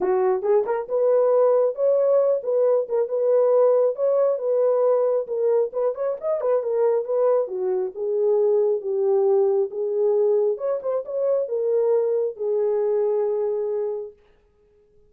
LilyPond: \new Staff \with { instrumentName = "horn" } { \time 4/4 \tempo 4 = 136 fis'4 gis'8 ais'8 b'2 | cis''4. b'4 ais'8 b'4~ | b'4 cis''4 b'2 | ais'4 b'8 cis''8 dis''8 b'8 ais'4 |
b'4 fis'4 gis'2 | g'2 gis'2 | cis''8 c''8 cis''4 ais'2 | gis'1 | }